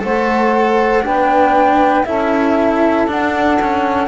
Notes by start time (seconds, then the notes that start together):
0.00 A3 A4 C5 F#5
1.02 B3 D4 B4 G5
2.05 C#4 E4 A4 E5
3.07 D4 F#5
3.61 C#4